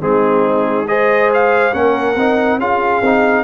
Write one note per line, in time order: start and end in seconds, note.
0.00 1.73 G#3
0.00 0.86 C4
0.00 0.88 D#4
0.00 0.88 G#4
0.88 1.73 G#4
0.88 1.74 C5
0.88 1.31 D#5
1.34 1.74 F5
1.73 2.15 A#3
1.73 2.16 C#4
1.73 2.59 A#4
1.73 2.59 F#5
2.15 2.58 C4
2.15 2.60 D#4
2.58 3.01 C#4
2.58 3.03 F4
2.58 3.44 G#4
2.58 3.44 F5
3.02 3.44 C4
3.02 3.44 D#4